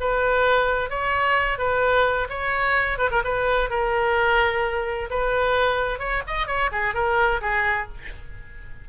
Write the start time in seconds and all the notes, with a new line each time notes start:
0.00 B4
0.89 C#5
1.58 B4
2.29 C#5
2.98 B4
3.11 A#4
3.24 B4
3.70 A#4
5.10 B4
5.99 C#5
6.27 D#5
6.47 C#5
6.72 G#4
6.94 A#4
7.41 G#4